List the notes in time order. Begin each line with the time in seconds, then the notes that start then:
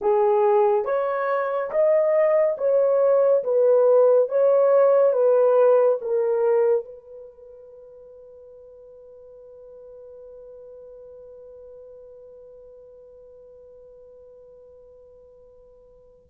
0.01 G#4
0.84 C#5
1.70 D#5
2.57 C#5
3.43 B4
4.29 C#5
5.12 B4
6.01 A#4
6.85 B4